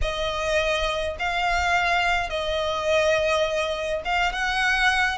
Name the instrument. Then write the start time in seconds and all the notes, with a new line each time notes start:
violin
0.01 D#5
1.19 F5
2.29 D#5
4.04 F5
4.32 F#5